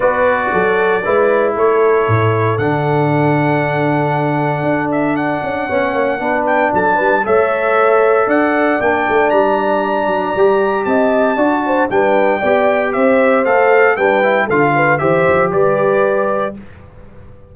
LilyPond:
<<
  \new Staff \with { instrumentName = "trumpet" } { \time 4/4 \tempo 4 = 116 d''2. cis''4~ | cis''4 fis''2.~ | fis''4. e''8 fis''2~ | fis''8 g''8 a''4 e''2 |
fis''4 g''4 ais''2~ | ais''4 a''2 g''4~ | g''4 e''4 f''4 g''4 | f''4 e''4 d''2 | }
  \new Staff \with { instrumentName = "horn" } { \time 4/4 b'4 a'4 b'4 a'4~ | a'1~ | a'2. cis''4 | b'4 a'8 b'8 cis''2 |
d''1~ | d''4 dis''4 d''8 c''8 b'4 | d''4 c''2 b'4 | a'8 b'8 c''4 b'2 | }
  \new Staff \with { instrumentName = "trombone" } { \time 4/4 fis'2 e'2~ | e'4 d'2.~ | d'2. cis'4 | d'2 a'2~ |
a'4 d'2. | g'2 fis'4 d'4 | g'2 a'4 d'8 e'8 | f'4 g'2. | }
  \new Staff \with { instrumentName = "tuba" } { \time 4/4 b4 fis4 gis4 a4 | a,4 d2.~ | d4 d'4. cis'8 b8 ais8 | b4 fis8 g8 a2 |
d'4 ais8 a8 g4. fis8 | g4 c'4 d'4 g4 | b4 c'4 a4 g4 | d4 e8 f8 g2 | }
>>